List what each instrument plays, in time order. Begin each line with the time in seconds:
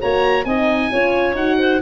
0.00 tuba A#3, horn F#4, clarinet C#5, oboe A#5
0.45 tuba C4, horn D#4, clarinet D#5, oboe G#5
0.92 tuba C#4, horn F4, clarinet C#5
1.35 tuba D#4, horn F#4, oboe F#5
1.59 clarinet C5